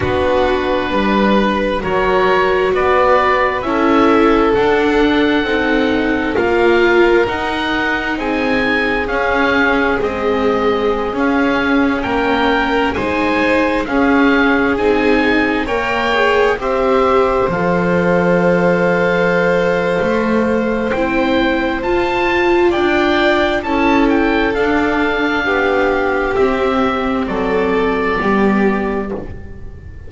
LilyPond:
<<
  \new Staff \with { instrumentName = "oboe" } { \time 4/4 \tempo 4 = 66 b'2 cis''4 d''4 | e''4 fis''2 f''4 | fis''4 gis''4 f''4 dis''4~ | dis''16 f''4 g''4 gis''4 f''8.~ |
f''16 gis''4 g''4 e''4 f''8.~ | f''2. g''4 | a''4 g''4 a''8 g''8 f''4~ | f''4 e''4 d''2 | }
  \new Staff \with { instrumentName = "violin" } { \time 4/4 fis'4 b'4 ais'4 b'4 | a'2. ais'4~ | ais'4 gis'2.~ | gis'4~ gis'16 ais'4 c''4 gis'8.~ |
gis'4~ gis'16 cis''4 c''4.~ c''16~ | c''1~ | c''4 d''4 a'2 | g'2 a'4 g'4 | }
  \new Staff \with { instrumentName = "viola" } { \time 4/4 d'2 fis'2 | e'4 d'4 dis'4 f'4 | dis'2 cis'4 gis4~ | gis16 cis'2 dis'4 cis'8.~ |
cis'16 dis'4 ais'8 gis'8 g'4 a'8.~ | a'2. e'4 | f'2 e'4 d'4~ | d'4 c'2 b4 | }
  \new Staff \with { instrumentName = "double bass" } { \time 4/4 b4 g4 fis4 b4 | cis'4 d'4 c'4 ais4 | dis'4 c'4 cis'4 c'4~ | c'16 cis'4 ais4 gis4 cis'8.~ |
cis'16 c'4 ais4 c'4 f8.~ | f2 a4 c'4 | f'4 d'4 cis'4 d'4 | b4 c'4 fis4 g4 | }
>>